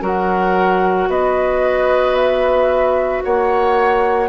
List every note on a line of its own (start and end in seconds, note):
0.00 1.08 F#3
0.00 4.29 F#4
0.00 1.08 A#4
0.00 1.10 F#5
1.08 3.22 B3
1.08 3.23 B4
1.08 2.15 D#5
2.15 3.22 E5
3.23 4.29 A#3
3.23 4.29 C#5
3.23 4.29 F#5